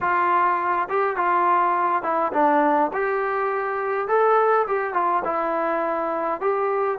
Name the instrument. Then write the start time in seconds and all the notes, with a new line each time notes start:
trombone
0.01 F4
0.89 G4
1.16 F4
2.02 E4
2.32 D4
2.93 G4
4.08 A4
4.67 G4
4.93 F4
5.24 E4
6.41 G4